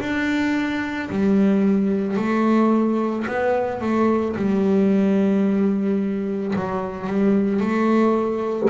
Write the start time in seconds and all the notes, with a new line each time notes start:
0.00 D4
1.10 G3
2.17 A3
3.27 B3
3.81 A3
4.36 G3
6.56 F#3
7.07 G3
7.61 A3